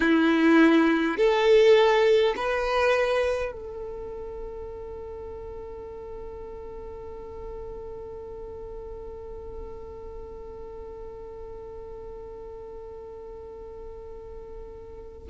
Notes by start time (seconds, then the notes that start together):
0.00 E4
1.17 A4
2.36 B4
3.52 A4